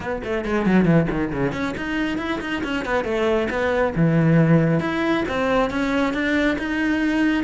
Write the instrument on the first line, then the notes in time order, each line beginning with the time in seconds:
cello
0.00 B3
0.23 A3
0.44 G#3
0.66 F#3
0.85 E3
1.10 D#3
1.32 C#3
1.52 C#4
1.77 D#4
2.18 E4
2.40 D#4
2.63 C#4
2.85 B3
3.04 A3
3.50 B3
3.95 E3
4.80 E4
5.28 C4
5.70 C#4
6.13 D4
6.58 D#4